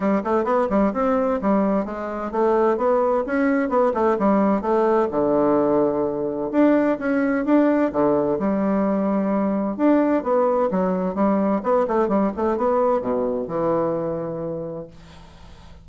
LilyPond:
\new Staff \with { instrumentName = "bassoon" } { \time 4/4 \tempo 4 = 129 g8 a8 b8 g8 c'4 g4 | gis4 a4 b4 cis'4 | b8 a8 g4 a4 d4~ | d2 d'4 cis'4 |
d'4 d4 g2~ | g4 d'4 b4 fis4 | g4 b8 a8 g8 a8 b4 | b,4 e2. | }